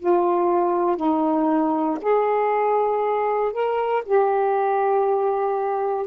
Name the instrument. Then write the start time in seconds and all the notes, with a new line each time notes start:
saxophone
0.00 F4
0.97 D#4
2.02 G#4
3.53 A#4
4.06 G4